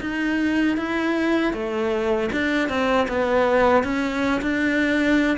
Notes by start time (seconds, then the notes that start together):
0.00 D#4
0.77 E4
1.53 A3
2.31 D4
2.69 C4
3.08 B3
3.83 C#4
4.41 D4